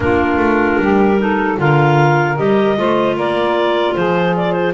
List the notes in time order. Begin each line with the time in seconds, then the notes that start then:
0.00 A#3 D4 F4 A#4
0.37 A3
0.78 G3 G4
1.18 D#4 A4
1.57 D3 F4 A#4 F5
2.37 G3 G4 D#5
2.76 A3 F4 C5
3.16 A#3 A#4 D5
3.95 F3 G#4 C5
4.36 D5
4.52 C5